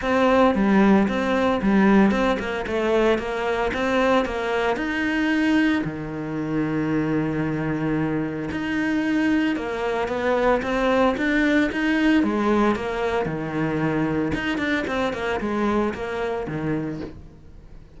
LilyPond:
\new Staff \with { instrumentName = "cello" } { \time 4/4 \tempo 4 = 113 c'4 g4 c'4 g4 | c'8 ais8 a4 ais4 c'4 | ais4 dis'2 dis4~ | dis1 |
dis'2 ais4 b4 | c'4 d'4 dis'4 gis4 | ais4 dis2 dis'8 d'8 | c'8 ais8 gis4 ais4 dis4 | }